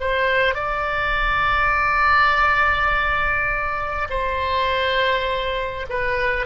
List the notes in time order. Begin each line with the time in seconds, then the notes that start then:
0.00 C5
0.55 D5
4.10 C5
5.89 B4